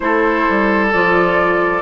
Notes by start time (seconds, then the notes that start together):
0.00 A3 E4 A4 C5
0.49 G3
0.91 F3 F4 D5